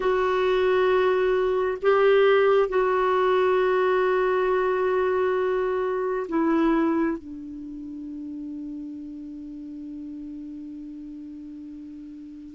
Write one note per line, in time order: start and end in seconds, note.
0.00 1.78 F#4
1.82 2.68 G4
2.68 6.26 F#4
6.28 7.18 E4
7.18 12.54 D4